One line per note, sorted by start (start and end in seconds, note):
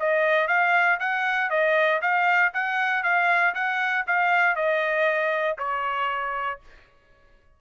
0.00 0.48 D#5
0.48 0.99 F5
1.00 1.50 F#5
1.50 2.01 D#5
2.02 2.53 F5
2.54 3.04 F#5
3.04 3.55 F5
3.55 4.06 F#5
4.07 4.56 F5
4.56 5.58 D#5
5.58 6.60 C#5